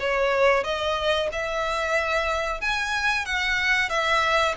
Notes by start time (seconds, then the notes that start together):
0.00 C#5
0.64 D#5
1.32 E5
2.61 G#5
3.25 F#5
3.90 E5